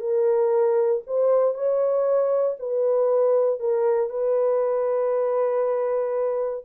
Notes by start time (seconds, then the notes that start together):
0.00 A#4
1.07 C5
1.54 C#5
2.59 B4
3.59 A#4
4.10 B4